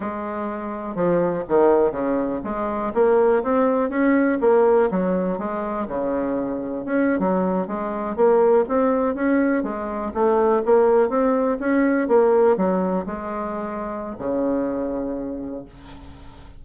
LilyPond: \new Staff \with { instrumentName = "bassoon" } { \time 4/4 \tempo 4 = 123 gis2 f4 dis4 | cis4 gis4 ais4 c'4 | cis'4 ais4 fis4 gis4 | cis2 cis'8. fis4 gis16~ |
gis8. ais4 c'4 cis'4 gis16~ | gis8. a4 ais4 c'4 cis'16~ | cis'8. ais4 fis4 gis4~ gis16~ | gis4 cis2. | }